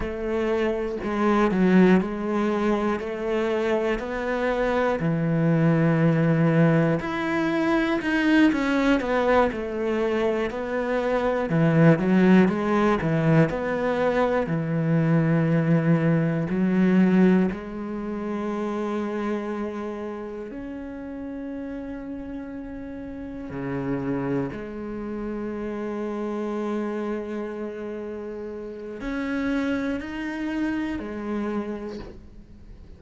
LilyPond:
\new Staff \with { instrumentName = "cello" } { \time 4/4 \tempo 4 = 60 a4 gis8 fis8 gis4 a4 | b4 e2 e'4 | dis'8 cis'8 b8 a4 b4 e8 | fis8 gis8 e8 b4 e4.~ |
e8 fis4 gis2~ gis8~ | gis8 cis'2. cis8~ | cis8 gis2.~ gis8~ | gis4 cis'4 dis'4 gis4 | }